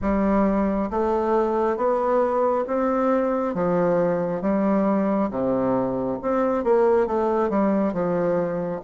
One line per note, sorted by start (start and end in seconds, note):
0.01 0.89 G3
0.90 1.76 A3
1.76 2.65 B3
2.67 3.54 C4
3.54 4.41 F3
4.41 5.29 G3
5.30 6.18 C3
6.22 6.63 C4
6.63 7.06 A#3
7.06 7.49 A3
7.49 7.93 G3
7.93 8.81 F3